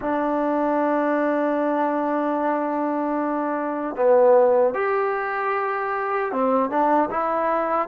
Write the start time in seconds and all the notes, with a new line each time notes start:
0.01 D4
3.96 B3
4.74 G4
6.32 C4
6.69 D4
7.10 E4